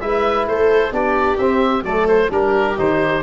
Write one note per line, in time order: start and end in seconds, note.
0.00 0.47 G#3
0.00 0.91 E4
0.00 0.49 B4
0.00 0.46 E5
0.47 0.91 A3
0.47 0.93 A4
0.47 0.93 C5
0.91 1.37 B3
0.91 1.37 D4
0.91 1.85 G4
0.91 1.37 D5
1.37 1.82 C4
1.37 1.84 C4
1.37 1.84 E5
1.82 2.28 F#3
1.82 2.29 A3
1.82 2.32 A4
1.82 2.07 D5
2.07 2.30 C5
2.29 2.76 G3
2.29 2.75 D4
2.29 3.23 G4
2.29 2.78 A#4
2.77 3.23 D#3
2.77 3.23 D#4
2.77 3.23 C5